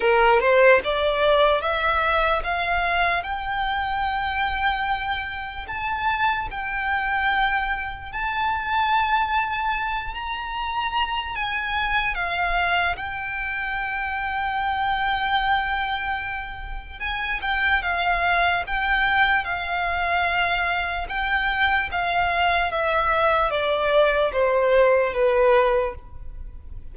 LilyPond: \new Staff \with { instrumentName = "violin" } { \time 4/4 \tempo 4 = 74 ais'8 c''8 d''4 e''4 f''4 | g''2. a''4 | g''2 a''2~ | a''8 ais''4. gis''4 f''4 |
g''1~ | g''4 gis''8 g''8 f''4 g''4 | f''2 g''4 f''4 | e''4 d''4 c''4 b'4 | }